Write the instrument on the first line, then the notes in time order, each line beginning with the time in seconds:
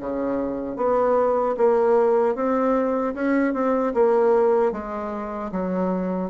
bassoon
0.00 C#3
0.77 B3
1.58 A#3
2.35 C4
3.15 C#4
3.54 C4
3.94 A#3
4.72 G#3
5.52 F#3